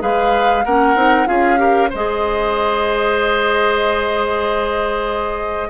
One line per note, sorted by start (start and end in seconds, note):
0.00 0.64 G#3
0.00 0.63 G#4
0.00 0.64 B4
0.00 0.64 F5
0.64 0.95 A#3
0.64 0.96 C#4
0.64 1.28 A#4
0.64 1.26 F#5
0.95 1.26 C4
0.95 1.26 D#4
1.26 1.92 C#4
1.26 1.57 F4
1.26 1.59 G#4
1.26 1.90 F5
1.57 1.88 G4
1.57 1.90 A#4
1.90 5.70 G#3
1.90 5.70 G#4
1.90 5.69 C5
1.90 5.70 D#5